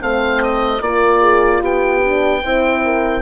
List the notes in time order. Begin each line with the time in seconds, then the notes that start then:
0.00 A3 C4 C5 F5
0.42 D#5
0.80 A#3 F4 A#4 D5
1.20 G#4
1.60 B3 G4 G5
2.05 D4
2.42 C4 E4 C5
2.84 A#4